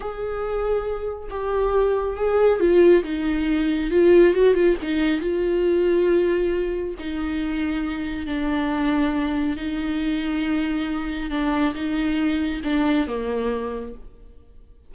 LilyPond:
\new Staff \with { instrumentName = "viola" } { \time 4/4 \tempo 4 = 138 gis'2. g'4~ | g'4 gis'4 f'4 dis'4~ | dis'4 f'4 fis'8 f'8 dis'4 | f'1 |
dis'2. d'4~ | d'2 dis'2~ | dis'2 d'4 dis'4~ | dis'4 d'4 ais2 | }